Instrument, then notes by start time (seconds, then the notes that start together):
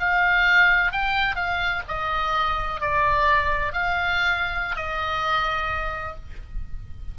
oboe
0.00 F5
0.92 G5
1.36 F5
1.88 D#5
2.81 D5
3.73 F5
4.77 D#5